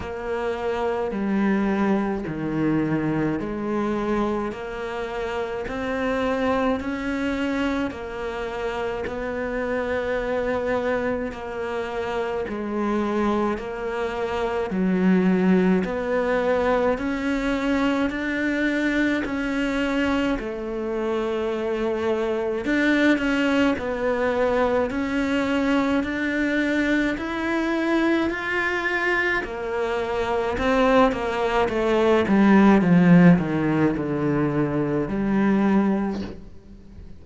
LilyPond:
\new Staff \with { instrumentName = "cello" } { \time 4/4 \tempo 4 = 53 ais4 g4 dis4 gis4 | ais4 c'4 cis'4 ais4 | b2 ais4 gis4 | ais4 fis4 b4 cis'4 |
d'4 cis'4 a2 | d'8 cis'8 b4 cis'4 d'4 | e'4 f'4 ais4 c'8 ais8 | a8 g8 f8 dis8 d4 g4 | }